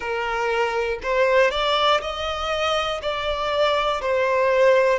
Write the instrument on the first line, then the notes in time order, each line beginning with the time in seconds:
violin
0.00 A#4
1.02 C5
1.50 D5
2.00 D#5
3.01 D5
4.00 C5